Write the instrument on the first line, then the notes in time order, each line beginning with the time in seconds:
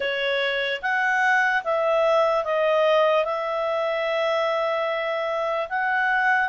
clarinet
0.00 C#5
0.81 F#5
1.64 E5
2.44 D#5
3.24 E5
5.69 F#5